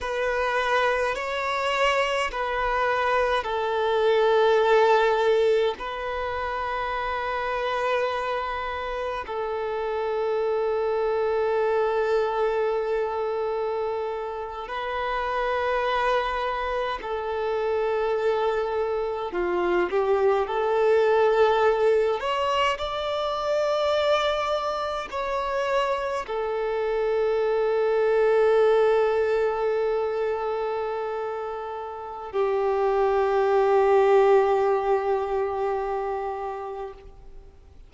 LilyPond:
\new Staff \with { instrumentName = "violin" } { \time 4/4 \tempo 4 = 52 b'4 cis''4 b'4 a'4~ | a'4 b'2. | a'1~ | a'8. b'2 a'4~ a'16~ |
a'8. f'8 g'8 a'4. cis''8 d''16~ | d''4.~ d''16 cis''4 a'4~ a'16~ | a'1 | g'1 | }